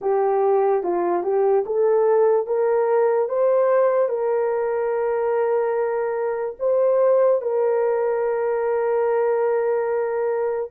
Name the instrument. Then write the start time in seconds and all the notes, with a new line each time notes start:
horn
0.01 G4
0.83 F4
1.23 G4
1.66 A4
2.46 A#4
3.28 C5
4.09 A#4
6.59 C5
7.41 A#4